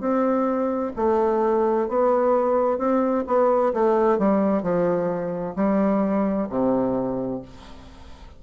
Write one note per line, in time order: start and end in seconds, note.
0.00 0.92 C4
0.96 1.88 A3
1.88 2.78 B3
2.78 3.24 C4
3.27 3.73 B3
3.73 4.18 A3
4.18 4.62 G3
4.62 5.55 F3
5.56 6.48 G3
6.49 7.41 C3